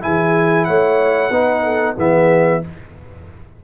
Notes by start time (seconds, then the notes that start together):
0.00 E3 E4 G#4 G#5
0.64 A3 C#5 F#5
1.30 B3 D#4 B4
1.63 A4
1.96 E3 B3 G#4 E5